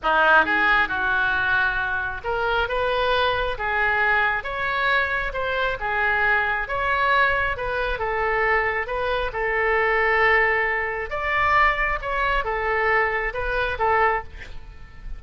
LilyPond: \new Staff \with { instrumentName = "oboe" } { \time 4/4 \tempo 4 = 135 dis'4 gis'4 fis'2~ | fis'4 ais'4 b'2 | gis'2 cis''2 | c''4 gis'2 cis''4~ |
cis''4 b'4 a'2 | b'4 a'2.~ | a'4 d''2 cis''4 | a'2 b'4 a'4 | }